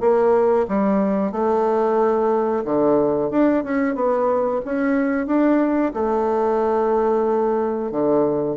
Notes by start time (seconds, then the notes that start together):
0.00 A#3
0.68 G3
1.32 A3
2.64 D3
3.31 D4
3.64 C#4
3.95 B3
4.65 C#4
5.27 D4
5.94 A3
7.91 D3